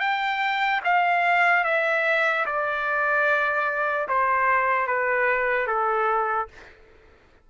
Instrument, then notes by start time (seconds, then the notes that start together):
trumpet
0.00 G5
0.85 F5
1.65 E5
2.46 D5
4.09 C5
4.87 B4
5.68 A4